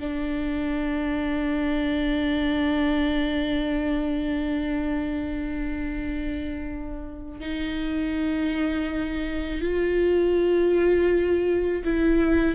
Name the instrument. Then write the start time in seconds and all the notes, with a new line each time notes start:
viola
0.00 D4
7.41 D#4
9.62 F4
11.85 E4